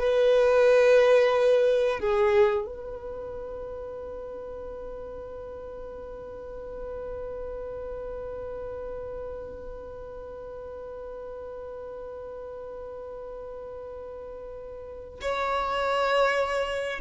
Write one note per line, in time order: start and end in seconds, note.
0.00 2.00 B4
2.00 2.67 G#4
2.67 15.20 B4
15.21 17.00 C#5